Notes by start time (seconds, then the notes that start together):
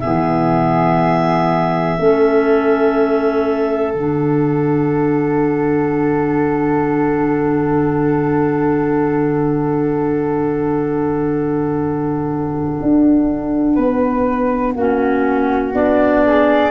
0.00 B3 G#4 E5
0.07 E3
1.98 A3 C#4 A4
3.94 D3 D4 F#5
12.82 D4
13.75 B3 B4
14.76 A#3 C#4 F#4
15.73 B3 D4 D5
16.27 G#4